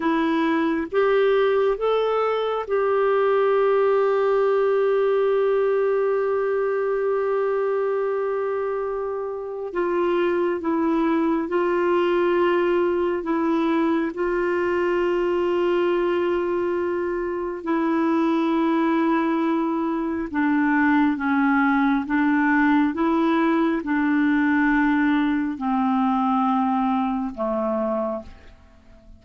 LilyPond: \new Staff \with { instrumentName = "clarinet" } { \time 4/4 \tempo 4 = 68 e'4 g'4 a'4 g'4~ | g'1~ | g'2. f'4 | e'4 f'2 e'4 |
f'1 | e'2. d'4 | cis'4 d'4 e'4 d'4~ | d'4 c'2 a4 | }